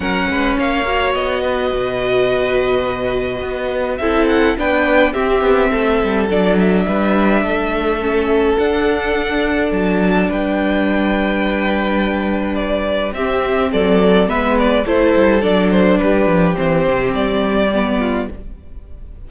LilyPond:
<<
  \new Staff \with { instrumentName = "violin" } { \time 4/4 \tempo 4 = 105 fis''4 f''4 dis''2~ | dis''2. e''8 fis''8 | g''4 e''2 d''8 e''8~ | e''2. fis''4~ |
fis''4 a''4 g''2~ | g''2 d''4 e''4 | d''4 e''8 d''8 c''4 d''8 c''8 | b'4 c''4 d''2 | }
  \new Staff \with { instrumentName = "violin" } { \time 4/4 ais'8 b'8 cis''4. b'4.~ | b'2. a'4 | b'4 g'4 a'2 | b'4 a'2.~ |
a'2 b'2~ | b'2. g'4 | a'4 b'4 a'2 | g'2.~ g'8 f'8 | }
  \new Staff \with { instrumentName = "viola" } { \time 4/4 cis'4. fis'2~ fis'8~ | fis'2. e'4 | d'4 c'2 d'4~ | d'2 cis'4 d'4~ |
d'1~ | d'2. c'4~ | c'4 b4 e'4 d'4~ | d'4 c'2 b4 | }
  \new Staff \with { instrumentName = "cello" } { \time 4/4 fis8 gis8 ais4 b4 b,4~ | b,2 b4 c'4 | b4 c'8 b8 a8 g8 fis4 | g4 a2 d'4~ |
d'4 fis4 g2~ | g2. c'4 | fis4 gis4 a8 g8 fis4 | g8 f8 e8 c8 g2 | }
>>